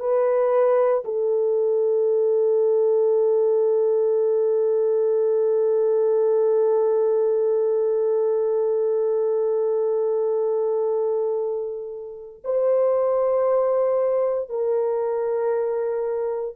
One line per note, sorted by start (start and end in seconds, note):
0.00 1.03 B4
1.04 12.42 A4
12.44 14.49 C5
14.49 16.56 A#4